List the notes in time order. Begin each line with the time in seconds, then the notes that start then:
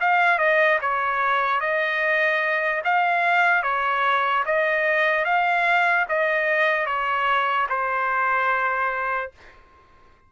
0.00 F5
0.38 D#5
0.81 C#5
1.60 D#5
2.84 F5
3.63 C#5
4.45 D#5
5.24 F5
6.08 D#5
6.86 C#5
7.69 C5